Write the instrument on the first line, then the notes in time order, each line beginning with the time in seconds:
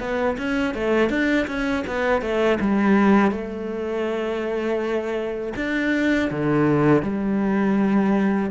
cello
0.00 B3
0.38 C#4
0.75 A3
1.09 D4
1.47 C#4
1.87 B3
2.22 A3
2.61 G3
3.31 A3
5.56 D4
6.30 D3
7.02 G3